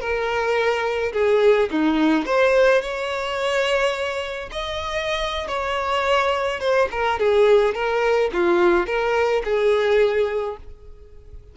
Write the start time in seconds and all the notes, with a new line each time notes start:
0.00 A#4
1.13 G#4
1.71 D#4
2.25 C5
2.81 C#5
4.51 D#5
5.47 C#5
6.60 C5
6.91 A#4
7.19 G#4
7.74 A#4
8.33 F4
8.86 A#4
9.44 G#4